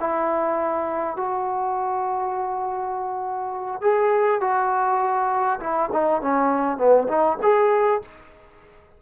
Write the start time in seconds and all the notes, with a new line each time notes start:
0.00 E4
1.17 F#4
3.82 G#4
4.41 F#4
5.60 E4
5.93 D#4
6.22 C#4
6.78 B3
7.08 D#4
7.43 G#4